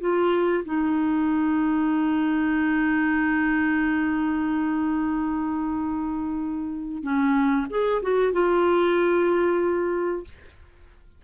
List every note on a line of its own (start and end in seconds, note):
0.00 0.64 F4
0.65 7.03 D#4
7.03 7.67 C#4
7.70 8.02 G#4
8.02 8.33 F#4
8.33 10.24 F4